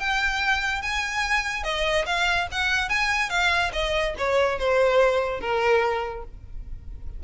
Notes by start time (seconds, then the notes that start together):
0.00 G5
0.82 G#5
1.64 D#5
2.06 F5
2.52 F#5
2.90 G#5
3.30 F5
3.73 D#5
4.19 C#5
4.59 C5
5.41 A#4